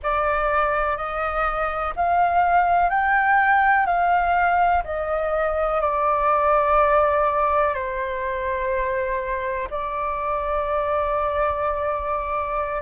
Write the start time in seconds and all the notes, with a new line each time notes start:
0.03 D5
0.96 D#5
1.96 F5
2.89 G5
3.85 F5
4.83 D#5
5.81 D5
7.74 C5
9.70 D5